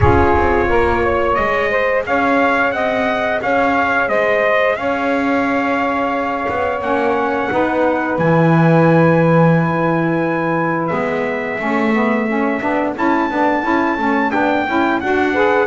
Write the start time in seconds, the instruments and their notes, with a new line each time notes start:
0.00 double bass C#4, saxophone F4 G#4, trumpet C#5
0.36 double bass C4
0.68 double bass A#3, saxophone A#4
1.02 saxophone C#5
1.33 double bass G#3, saxophone G#4, trumpet D#5
1.70 saxophone C5
2.06 double bass C#4, saxophone C#5, trumpet F5
2.71 double bass C4, saxophone D#5, trumpet F#5
3.41 double bass C#4, saxophone C#5, trumpet F5
4.08 double bass G#3, saxophone C5, trumpet D#5
4.76 double bass C#4, saxophone C#5, trumpet F5
6.49 double bass B3
6.81 double bass A#3, saxophone C#4, trumpet F#5
7.51 double bass B3, saxophone D#4 B4
8.18 double bass E3, saxophone E4, trumpet G#5
10.87 double bass G#3, saxophone B3, trumpet E5
11.58 double bass A3, saxophone C#4 A4
11.93 saxophone B3
12.29 saxophone C#4
12.61 double bass B3, saxophone D4
12.95 double bass C#4, saxophone E4, trumpet A5
13.30 double bass B3, saxophone D4
13.63 double bass C#4, saxophone E4
13.97 double bass A3, saxophone C#4
14.31 double bass B3, saxophone D4, trumpet G5
14.67 double bass C#4, saxophone E4
15.00 double bass D4, saxophone F#4, trumpet F#5
15.32 saxophone G#4 B4